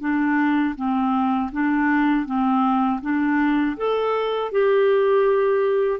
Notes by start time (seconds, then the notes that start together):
0.00 D4
0.75 C4
1.52 D4
2.25 C4
3.01 D4
3.77 A4
4.51 G4